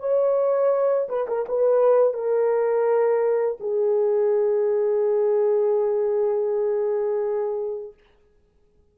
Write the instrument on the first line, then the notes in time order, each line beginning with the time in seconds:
horn
0.00 C#5
1.09 B4
1.28 A#4
1.49 B4
2.14 A#4
3.60 G#4